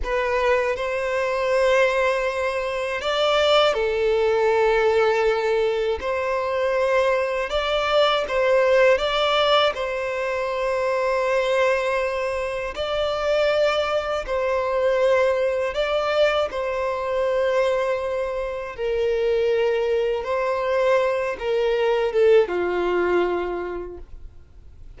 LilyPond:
\new Staff \with { instrumentName = "violin" } { \time 4/4 \tempo 4 = 80 b'4 c''2. | d''4 a'2. | c''2 d''4 c''4 | d''4 c''2.~ |
c''4 d''2 c''4~ | c''4 d''4 c''2~ | c''4 ais'2 c''4~ | c''8 ais'4 a'8 f'2 | }